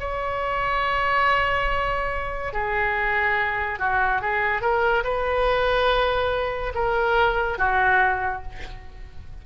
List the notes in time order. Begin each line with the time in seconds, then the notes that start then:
0.00 C#5
2.53 G#4
3.79 F#4
4.22 G#4
4.61 A#4
5.04 B4
6.75 A#4
7.58 F#4